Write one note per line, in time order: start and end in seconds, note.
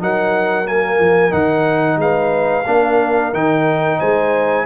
0.00 0.99 F#3
0.00 0.66 D#4
0.00 2.00 A#4
0.00 0.68 F#5
0.66 1.31 A#3
0.66 1.33 G#5
0.99 1.33 F3
1.31 1.97 D#3
1.31 2.64 D#4
1.31 1.99 F#5
1.97 2.64 G#3
1.97 2.67 B4
1.97 3.35 F5
2.67 3.33 A#3
2.67 3.34 D4
2.67 3.99 A#4
3.33 4.00 D#3
3.33 4.66 D#4
3.33 4.00 G5
3.99 4.66 G#3
3.99 4.65 C5
3.99 4.66 G#5